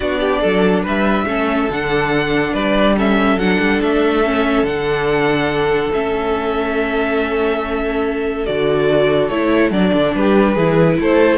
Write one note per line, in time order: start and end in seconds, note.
0.00 0.43 B3
0.00 1.27 D4
0.00 0.20 F#4
0.00 0.82 D5
0.20 0.41 G4
0.41 0.85 F#3
0.41 0.82 A4
0.82 1.25 G3
0.82 1.25 B4
0.82 1.71 E5
1.25 1.68 A3
1.25 1.69 C#4
1.25 2.53 A4
1.69 2.53 D3
1.69 2.97 D4
1.69 2.54 F#5
2.53 3.36 G3
2.53 2.95 B4
2.53 2.96 D5
2.97 3.39 C#4
2.97 10.15 A4
2.97 3.39 E5
3.36 3.57 F#3
3.36 4.24 D4
3.36 3.81 F#5
3.59 3.80 G3
3.82 4.62 A3
3.82 4.65 E5
4.24 4.65 C#4
4.62 5.89 D3
4.62 5.92 D4
4.62 5.92 F#5
5.92 8.46 A3
5.92 8.46 C#4
5.92 8.46 E5
8.46 9.29 D3
8.46 9.30 F#4
8.46 9.28 D5
9.28 9.71 A3
9.28 9.72 E4
9.28 9.70 C#5
9.71 9.92 F#3
9.71 10.56 D4
9.71 10.14 D5
9.93 10.14 D3
10.14 10.56 G3
10.14 10.54 G4
10.14 10.99 B4
10.54 10.98 E3
10.54 11.38 E4
10.54 10.96 G#4
10.99 11.38 A3
10.99 11.38 A4
10.99 11.38 C5